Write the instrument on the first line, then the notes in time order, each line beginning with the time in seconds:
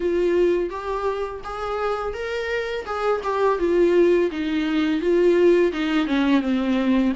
viola
0.00 F4
0.69 G4
1.44 G#4
2.13 A#4
2.85 G#4
3.23 G4
3.58 F4
4.31 D#4
5.00 F4
5.72 D#4
6.06 C#4
6.41 C4